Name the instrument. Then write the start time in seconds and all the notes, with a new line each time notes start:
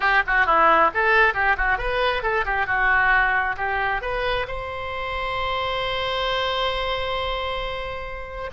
oboe
0.00 G4
0.27 F#4
0.46 E4
0.94 A4
1.34 G4
1.57 F#4
1.78 B4
2.22 A4
2.45 G4
2.66 F#4
3.56 G4
4.01 B4
4.47 C5